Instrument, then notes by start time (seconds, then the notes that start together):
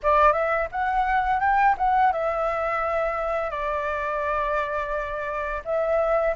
flute
0.03 D5
0.32 E5
0.71 F#5
1.40 G5
1.77 F#5
2.12 E5
3.50 D5
5.64 E5